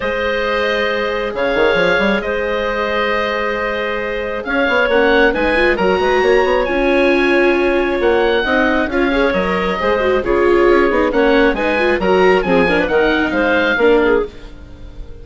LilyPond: <<
  \new Staff \with { instrumentName = "oboe" } { \time 4/4 \tempo 4 = 135 dis''2. f''4~ | f''4 dis''2.~ | dis''2 f''4 fis''4 | gis''4 ais''2 gis''4~ |
gis''2 fis''2 | f''4 dis''2 cis''4~ | cis''4 fis''4 gis''4 ais''4 | gis''4 fis''4 f''2 | }
  \new Staff \with { instrumentName = "clarinet" } { \time 4/4 c''2. cis''4~ | cis''4 c''2.~ | c''2 cis''2 | b'4 ais'8 b'8 cis''2~ |
cis''2. dis''4 | cis''2 c''4 gis'4~ | gis'4 cis''4 b'4 ais'4 | gis'8 ais'16 b'16 ais'4 c''4 ais'8 gis'8 | }
  \new Staff \with { instrumentName = "viola" } { \time 4/4 gis'1~ | gis'1~ | gis'2. cis'4 | dis'8 f'8 fis'2 f'4~ |
f'2. dis'4 | f'8 gis'8 ais'4 gis'8 fis'8 f'4~ | f'8 dis'8 cis'4 dis'8 f'8 fis'4 | c'8 d'8 dis'2 d'4 | }
  \new Staff \with { instrumentName = "bassoon" } { \time 4/4 gis2. cis8 dis8 | f8 g8 gis2.~ | gis2 cis'8 b8 ais4 | gis4 fis8 gis8 ais8 b8 cis'4~ |
cis'2 ais4 c'4 | cis'4 fis4 gis4 cis4 | cis'8 b8 ais4 gis4 fis4 | f4 dis4 gis4 ais4 | }
>>